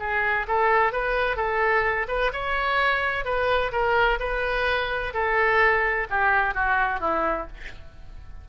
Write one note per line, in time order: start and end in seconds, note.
0.00 0.47 G#4
0.48 0.93 A4
0.93 1.37 B4
1.37 2.07 A4
2.08 2.32 B4
2.33 3.25 C#5
3.25 3.72 B4
3.72 4.19 A#4
4.20 5.14 B4
5.14 6.07 A4
6.10 6.55 G4
6.55 7.01 F#4
7.01 7.47 E4